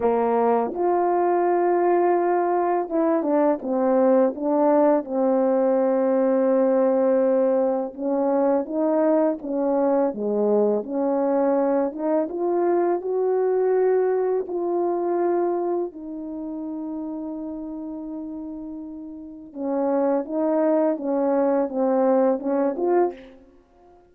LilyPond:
\new Staff \with { instrumentName = "horn" } { \time 4/4 \tempo 4 = 83 ais4 f'2. | e'8 d'8 c'4 d'4 c'4~ | c'2. cis'4 | dis'4 cis'4 gis4 cis'4~ |
cis'8 dis'8 f'4 fis'2 | f'2 dis'2~ | dis'2. cis'4 | dis'4 cis'4 c'4 cis'8 f'8 | }